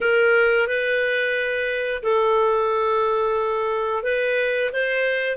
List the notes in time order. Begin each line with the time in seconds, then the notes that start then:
0.00 A#4
0.67 B4
2.02 A4
4.03 B4
4.73 C5